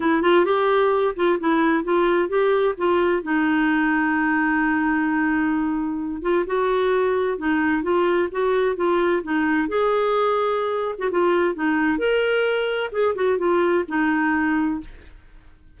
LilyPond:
\new Staff \with { instrumentName = "clarinet" } { \time 4/4 \tempo 4 = 130 e'8 f'8 g'4. f'8 e'4 | f'4 g'4 f'4 dis'4~ | dis'1~ | dis'4. f'8 fis'2 |
dis'4 f'4 fis'4 f'4 | dis'4 gis'2~ gis'8. fis'16 | f'4 dis'4 ais'2 | gis'8 fis'8 f'4 dis'2 | }